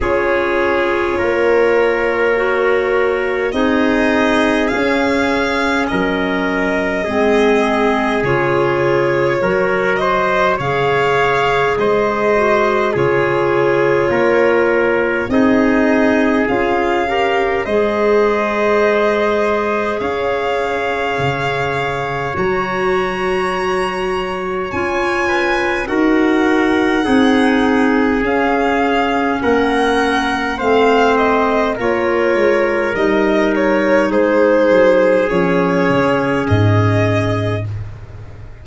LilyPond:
<<
  \new Staff \with { instrumentName = "violin" } { \time 4/4 \tempo 4 = 51 cis''2. dis''4 | f''4 dis''2 cis''4~ | cis''8 dis''8 f''4 dis''4 cis''4~ | cis''4 dis''4 f''4 dis''4~ |
dis''4 f''2 ais''4~ | ais''4 gis''4 fis''2 | f''4 fis''4 f''8 dis''8 cis''4 | dis''8 cis''8 c''4 cis''4 dis''4 | }
  \new Staff \with { instrumentName = "trumpet" } { \time 4/4 gis'4 ais'2 gis'4~ | gis'4 ais'4 gis'2 | ais'8 c''8 cis''4 c''4 gis'4 | ais'4 gis'4. ais'8 c''4~ |
c''4 cis''2.~ | cis''4. b'8 ais'4 gis'4~ | gis'4 ais'4 c''4 ais'4~ | ais'4 gis'2. | }
  \new Staff \with { instrumentName = "clarinet" } { \time 4/4 f'2 fis'4 dis'4 | cis'2 c'4 f'4 | fis'4 gis'4. fis'8 f'4~ | f'4 dis'4 f'8 g'8 gis'4~ |
gis'2. fis'4~ | fis'4 f'4 fis'4 dis'4 | cis'2 c'4 f'4 | dis'2 cis'2 | }
  \new Staff \with { instrumentName = "tuba" } { \time 4/4 cis'4 ais2 c'4 | cis'4 fis4 gis4 cis4 | fis4 cis4 gis4 cis4 | ais4 c'4 cis'4 gis4~ |
gis4 cis'4 cis4 fis4~ | fis4 cis'4 dis'4 c'4 | cis'4 ais4 a4 ais8 gis8 | g4 gis8 fis8 f8 cis8 gis,4 | }
>>